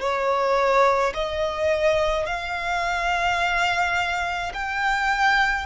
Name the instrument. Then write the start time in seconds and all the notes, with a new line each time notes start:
violin
0.00 C#5
1.14 D#5
2.26 F5
4.54 G5